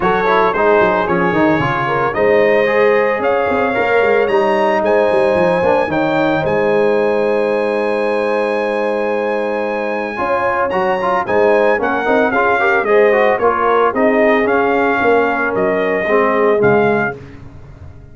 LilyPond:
<<
  \new Staff \with { instrumentName = "trumpet" } { \time 4/4 \tempo 4 = 112 cis''4 c''4 cis''2 | dis''2 f''2 | ais''4 gis''2 g''4 | gis''1~ |
gis''1 | ais''4 gis''4 fis''4 f''4 | dis''4 cis''4 dis''4 f''4~ | f''4 dis''2 f''4 | }
  \new Staff \with { instrumentName = "horn" } { \time 4/4 a'4 gis'2~ gis'8 ais'8 | c''2 cis''2~ | cis''4 c''2 cis''4 | c''1~ |
c''2. cis''4~ | cis''4 c''4 ais'4 gis'8 ais'8 | c''4 ais'4 gis'2 | ais'2 gis'2 | }
  \new Staff \with { instrumentName = "trombone" } { \time 4/4 fis'8 e'8 dis'4 cis'8 dis'8 f'4 | dis'4 gis'2 ais'4 | dis'2~ dis'8 d'8 dis'4~ | dis'1~ |
dis'2. f'4 | fis'8 f'8 dis'4 cis'8 dis'8 f'8 g'8 | gis'8 fis'8 f'4 dis'4 cis'4~ | cis'2 c'4 gis4 | }
  \new Staff \with { instrumentName = "tuba" } { \time 4/4 fis4 gis8 fis8 f8 dis8 cis4 | gis2 cis'8 c'8 ais8 gis8 | g4 gis8 g8 f8 ais8 dis4 | gis1~ |
gis2. cis'4 | fis4 gis4 ais8 c'8 cis'4 | gis4 ais4 c'4 cis'4 | ais4 fis4 gis4 cis4 | }
>>